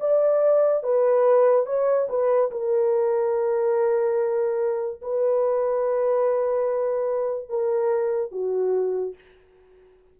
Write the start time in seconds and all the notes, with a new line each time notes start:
0.00 D5
0.83 B4
1.66 C#5
2.09 B4
2.51 A#4
5.02 B4
7.49 A#4
8.31 F#4